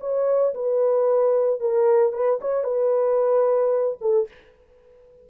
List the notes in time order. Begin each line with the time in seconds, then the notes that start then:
0.00 C#5
0.54 B4
1.60 A#4
2.13 B4
2.41 C#5
2.64 B4
4.01 A4